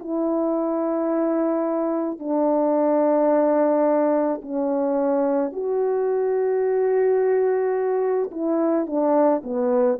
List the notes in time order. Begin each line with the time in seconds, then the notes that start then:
0.00 E4
2.19 D4
4.42 C#4
5.53 F#4
8.32 E4
8.87 D4
9.44 B3